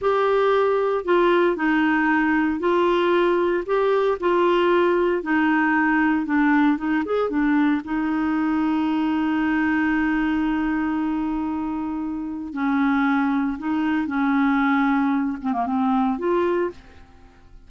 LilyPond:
\new Staff \with { instrumentName = "clarinet" } { \time 4/4 \tempo 4 = 115 g'2 f'4 dis'4~ | dis'4 f'2 g'4 | f'2 dis'2 | d'4 dis'8 gis'8 d'4 dis'4~ |
dis'1~ | dis'1 | cis'2 dis'4 cis'4~ | cis'4. c'16 ais16 c'4 f'4 | }